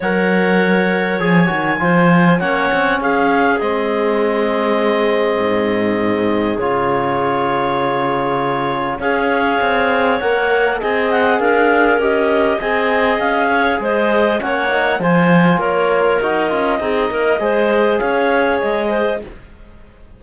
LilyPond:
<<
  \new Staff \with { instrumentName = "clarinet" } { \time 4/4 \tempo 4 = 100 fis''2 gis''2 | fis''4 f''4 dis''2~ | dis''2. cis''4~ | cis''2. f''4~ |
f''4 fis''4 gis''8 fis''8 f''4 | dis''4 gis''4 f''4 dis''4 | fis''4 gis''4 cis''4 dis''4~ | dis''2 f''4 dis''4 | }
  \new Staff \with { instrumentName = "clarinet" } { \time 4/4 cis''2. c''4 | cis''4 gis'2.~ | gis'1~ | gis'2. cis''4~ |
cis''2 dis''4 ais'4~ | ais'4 dis''4. cis''8 c''4 | cis''4 c''4 ais'2 | gis'8 ais'8 c''4 cis''4. c''8 | }
  \new Staff \with { instrumentName = "trombone" } { \time 4/4 ais'2 gis'8 fis'8 f'4 | cis'2 c'2~ | c'2. f'4~ | f'2. gis'4~ |
gis'4 ais'4 gis'2 | g'4 gis'2. | cis'8 dis'8 f'2 fis'8 f'8 | dis'4 gis'2. | }
  \new Staff \with { instrumentName = "cello" } { \time 4/4 fis2 f8 dis8 f4 | ais8 c'8 cis'4 gis2~ | gis4 gis,2 cis4~ | cis2. cis'4 |
c'4 ais4 c'4 d'4 | cis'4 c'4 cis'4 gis4 | ais4 f4 ais4 dis'8 cis'8 | c'8 ais8 gis4 cis'4 gis4 | }
>>